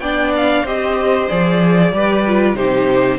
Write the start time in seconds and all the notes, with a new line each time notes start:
0.00 B3 D4 D5 G5
0.36 F5
0.63 C4 G4 C5 D#5
1.29 F3 G#4 D5
1.92 G3 G4 B4
2.26 F4
2.54 C3 D#4 G4 C5